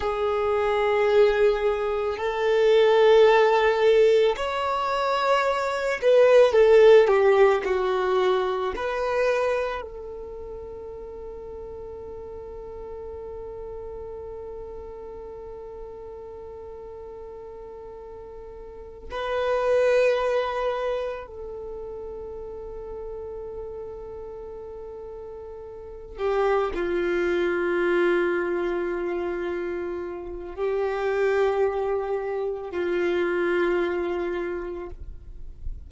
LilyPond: \new Staff \with { instrumentName = "violin" } { \time 4/4 \tempo 4 = 55 gis'2 a'2 | cis''4. b'8 a'8 g'8 fis'4 | b'4 a'2.~ | a'1~ |
a'4. b'2 a'8~ | a'1 | g'8 f'2.~ f'8 | g'2 f'2 | }